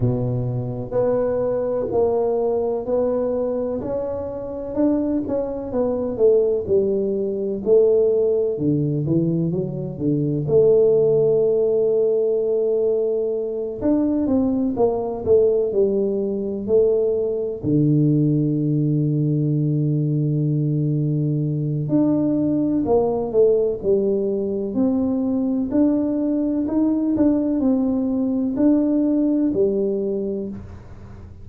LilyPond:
\new Staff \with { instrumentName = "tuba" } { \time 4/4 \tempo 4 = 63 b,4 b4 ais4 b4 | cis'4 d'8 cis'8 b8 a8 g4 | a4 d8 e8 fis8 d8 a4~ | a2~ a8 d'8 c'8 ais8 |
a8 g4 a4 d4.~ | d2. d'4 | ais8 a8 g4 c'4 d'4 | dis'8 d'8 c'4 d'4 g4 | }